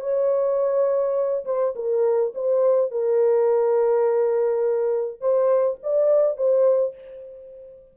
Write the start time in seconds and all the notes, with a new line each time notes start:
0.00 C#5
1.45 C5
1.75 A#4
2.34 C5
2.91 A#4
5.20 C5
5.83 D5
6.36 C5